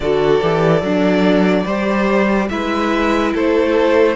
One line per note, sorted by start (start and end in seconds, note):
0.00 0.40 D3
0.00 0.41 F#4
0.00 0.83 A4
0.00 2.48 D5
0.41 0.81 E3
0.41 0.80 G4
0.80 1.65 F#3
0.80 1.64 D4
0.80 1.63 A4
1.64 2.49 G3
1.64 2.50 G4
1.64 2.48 C5
2.48 3.34 G#3
2.48 4.15 E4
2.48 3.33 B4
2.48 3.32 E5
3.33 4.15 A3
3.33 4.15 A4
3.33 4.15 C5